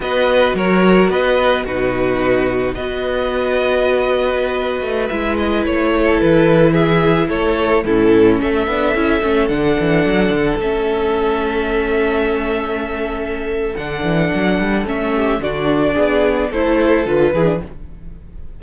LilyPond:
<<
  \new Staff \with { instrumentName = "violin" } { \time 4/4 \tempo 4 = 109 dis''4 cis''4 dis''4 b'4~ | b'4 dis''2.~ | dis''4~ dis''16 e''8 dis''8 cis''4 b'8.~ | b'16 e''4 cis''4 a'4 e''8.~ |
e''4~ e''16 fis''2 e''8.~ | e''1~ | e''4 fis''2 e''4 | d''2 c''4 b'4 | }
  \new Staff \with { instrumentName = "violin" } { \time 4/4 b'4 ais'4 b'4 fis'4~ | fis'4 b'2.~ | b'2~ b'8. a'4~ a'16~ | a'16 gis'4 a'4 e'4 a'8.~ |
a'1~ | a'1~ | a'2.~ a'8 g'8 | fis'4 gis'4 a'4. gis'8 | }
  \new Staff \with { instrumentName = "viola" } { \time 4/4 fis'2. dis'4~ | dis'4 fis'2.~ | fis'4~ fis'16 e'2~ e'8.~ | e'2~ e'16 cis'4. d'16~ |
d'16 e'8 cis'8 d'2 cis'8.~ | cis'1~ | cis'4 d'2 cis'4 | d'2 e'4 f'8 e'16 d'16 | }
  \new Staff \with { instrumentName = "cello" } { \time 4/4 b4 fis4 b4 b,4~ | b,4 b2.~ | b8. a8 gis4 a4 e8.~ | e4~ e16 a4 a,4 a8 b16~ |
b16 cis'8 a8 d8 e8 fis8 d8 a8.~ | a1~ | a4 d8 e8 fis8 g8 a4 | d4 b4 a4 d8 e8 | }
>>